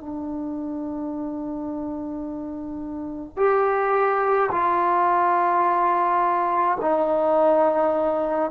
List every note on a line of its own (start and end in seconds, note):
0.00 3.37 D4
3.37 4.50 G4
4.52 6.78 F4
6.81 8.51 D#4